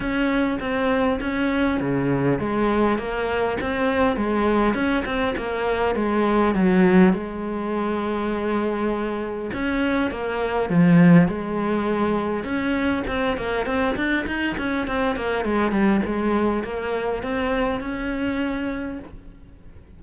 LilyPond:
\new Staff \with { instrumentName = "cello" } { \time 4/4 \tempo 4 = 101 cis'4 c'4 cis'4 cis4 | gis4 ais4 c'4 gis4 | cis'8 c'8 ais4 gis4 fis4 | gis1 |
cis'4 ais4 f4 gis4~ | gis4 cis'4 c'8 ais8 c'8 d'8 | dis'8 cis'8 c'8 ais8 gis8 g8 gis4 | ais4 c'4 cis'2 | }